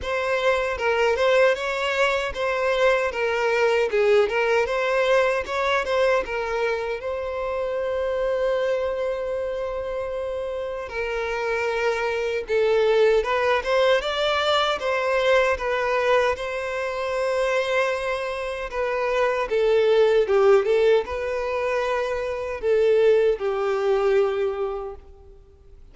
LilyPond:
\new Staff \with { instrumentName = "violin" } { \time 4/4 \tempo 4 = 77 c''4 ais'8 c''8 cis''4 c''4 | ais'4 gis'8 ais'8 c''4 cis''8 c''8 | ais'4 c''2.~ | c''2 ais'2 |
a'4 b'8 c''8 d''4 c''4 | b'4 c''2. | b'4 a'4 g'8 a'8 b'4~ | b'4 a'4 g'2 | }